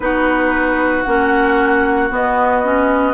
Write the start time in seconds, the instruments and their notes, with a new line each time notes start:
0.00 bassoon B3, clarinet D#4, oboe F#4, flute B4
1.02 bassoon A#3, clarinet C#4, flute F#5
2.10 clarinet B3, bassoon B3, flute D#5
2.63 clarinet C#4